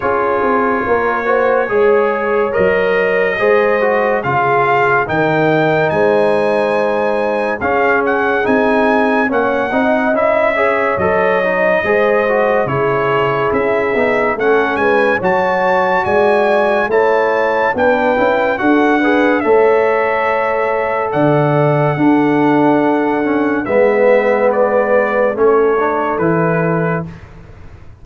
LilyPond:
<<
  \new Staff \with { instrumentName = "trumpet" } { \time 4/4 \tempo 4 = 71 cis''2. dis''4~ | dis''4 f''4 g''4 gis''4~ | gis''4 f''8 fis''8 gis''4 fis''4 | e''4 dis''2 cis''4 |
e''4 fis''8 gis''8 a''4 gis''4 | a''4 g''4 fis''4 e''4~ | e''4 fis''2. | e''4 d''4 cis''4 b'4 | }
  \new Staff \with { instrumentName = "horn" } { \time 4/4 gis'4 ais'8 c''8 cis''2 | c''4 gis'4 ais'4 c''4~ | c''4 gis'2 cis''8 dis''8~ | dis''8 cis''4. c''4 gis'4~ |
gis'4 a'8 b'8 cis''4 d''4 | cis''4 b'4 a'8 b'8 cis''4~ | cis''4 d''4 a'2 | b'2 a'2 | }
  \new Staff \with { instrumentName = "trombone" } { \time 4/4 f'4. fis'8 gis'4 ais'4 | gis'8 fis'8 f'4 dis'2~ | dis'4 cis'4 dis'4 cis'8 dis'8 | e'8 gis'8 a'8 dis'8 gis'8 fis'8 e'4~ |
e'8 dis'8 cis'4 fis'2 | e'4 d'8 e'8 fis'8 gis'8 a'4~ | a'2 d'4. cis'8 | b2 cis'8 d'8 e'4 | }
  \new Staff \with { instrumentName = "tuba" } { \time 4/4 cis'8 c'8 ais4 gis4 fis4 | gis4 cis4 dis4 gis4~ | gis4 cis'4 c'4 ais8 c'8 | cis'4 fis4 gis4 cis4 |
cis'8 b8 a8 gis8 fis4 gis4 | a4 b8 cis'8 d'4 a4~ | a4 d4 d'2 | gis2 a4 e4 | }
>>